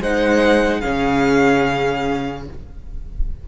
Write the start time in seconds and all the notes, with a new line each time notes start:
0.00 G#3 D#4 C5 F#5
0.80 C#4 G#4 F5
0.86 C#3